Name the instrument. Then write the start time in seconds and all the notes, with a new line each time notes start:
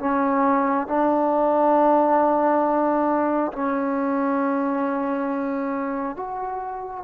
trombone
0.00 C#4
0.87 D4
3.53 C#4
6.16 F#4